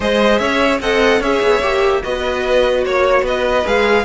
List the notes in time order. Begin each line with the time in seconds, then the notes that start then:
0.00 G#3 G#4 C5 D#5
0.37 C#4 C#5 E5
0.80 C4 A4 D#5 F#5
1.20 C#4 G#4 C#5 E5
1.41 B3
1.61 A#3 G4
2.02 B3 F#4 B4 D#5
2.84 A#3 C#5
3.22 B3 B4 D#5
3.65 G#3 G#4 F5